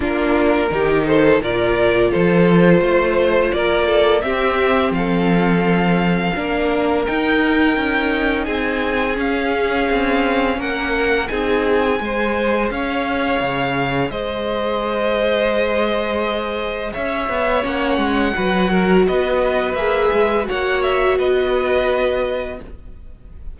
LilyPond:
<<
  \new Staff \with { instrumentName = "violin" } { \time 4/4 \tempo 4 = 85 ais'4. c''8 d''4 c''4~ | c''4 d''4 e''4 f''4~ | f''2 g''2 | gis''4 f''2 fis''4 |
gis''2 f''2 | dis''1 | e''4 fis''2 dis''4 | e''4 fis''8 e''8 dis''2 | }
  \new Staff \with { instrumentName = "violin" } { \time 4/4 f'4 g'8 a'8 ais'4 a'4 | c''4 ais'8 a'8 g'4 a'4~ | a'4 ais'2. | gis'2. ais'4 |
gis'4 c''4 cis''2 | c''1 | cis''2 b'8 ais'8 b'4~ | b'4 cis''4 b'2 | }
  \new Staff \with { instrumentName = "viola" } { \time 4/4 d'4 dis'4 f'2~ | f'2 c'2~ | c'4 d'4 dis'2~ | dis'4 cis'2. |
dis'4 gis'2.~ | gis'1~ | gis'4 cis'4 fis'2 | gis'4 fis'2. | }
  \new Staff \with { instrumentName = "cello" } { \time 4/4 ais4 dis4 ais,4 f4 | a4 ais4 c'4 f4~ | f4 ais4 dis'4 cis'4 | c'4 cis'4 c'4 ais4 |
c'4 gis4 cis'4 cis4 | gis1 | cis'8 b8 ais8 gis8 fis4 b4 | ais8 gis8 ais4 b2 | }
>>